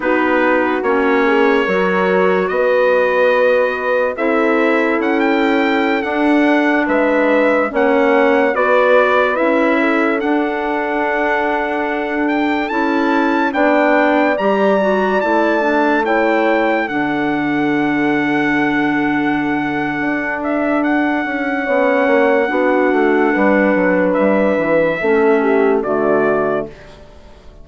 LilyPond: <<
  \new Staff \with { instrumentName = "trumpet" } { \time 4/4 \tempo 4 = 72 b'4 cis''2 dis''4~ | dis''4 e''4 fis''16 g''4 fis''8.~ | fis''16 e''4 fis''4 d''4 e''8.~ | e''16 fis''2~ fis''8 g''8 a''8.~ |
a''16 g''4 ais''4 a''4 g''8.~ | g''16 fis''2.~ fis''8.~ | fis''8 e''8 fis''2.~ | fis''4 e''2 d''4 | }
  \new Staff \with { instrumentName = "horn" } { \time 4/4 fis'4. gis'8 ais'4 b'4~ | b'4 a'2.~ | a'16 b'4 cis''4 b'4. a'16~ | a'1~ |
a'16 d''2. cis''8.~ | cis''16 a'2.~ a'8.~ | a'2 cis''4 fis'4 | b'2 a'8 g'8 fis'4 | }
  \new Staff \with { instrumentName = "clarinet" } { \time 4/4 dis'4 cis'4 fis'2~ | fis'4 e'2~ e'16 d'8.~ | d'4~ d'16 cis'4 fis'4 e'8.~ | e'16 d'2. e'8.~ |
e'16 d'4 g'8 fis'8 e'8 d'8 e'8.~ | e'16 d'2.~ d'8.~ | d'2 cis'4 d'4~ | d'2 cis'4 a4 | }
  \new Staff \with { instrumentName = "bassoon" } { \time 4/4 b4 ais4 fis4 b4~ | b4 c'4 cis'4~ cis'16 d'8.~ | d'16 gis4 ais4 b4 cis'8.~ | cis'16 d'2. cis'8.~ |
cis'16 b4 g4 a4.~ a16~ | a16 d2.~ d8. | d'4. cis'8 b8 ais8 b8 a8 | g8 fis8 g8 e8 a4 d4 | }
>>